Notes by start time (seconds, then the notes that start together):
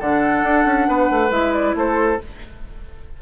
0.00 D3 D4 A4 F#5
0.43 D4
0.66 C#4
0.88 B3 B4
1.10 A3
1.30 G#3 E4 E5
1.53 D5
1.75 A3 A4 C5